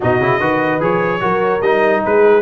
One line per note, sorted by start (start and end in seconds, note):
0.00 0.19 B2
0.00 0.21 D#4
0.00 0.40 F#4
0.00 0.82 D#5
0.19 0.39 C#3
0.19 0.40 E4
0.40 0.80 D#3
0.40 0.80 F#4
0.40 1.21 B4
0.80 1.20 F3
0.80 1.20 G#4
0.80 1.61 C#5
1.20 1.61 F#3
1.20 1.60 F#4
1.20 2.03 A#4
1.61 2.01 G3
1.61 2.42 D#4
1.61 2.02 D#5
2.05 2.42 G#3
2.05 2.42 G#4
2.05 2.42 B4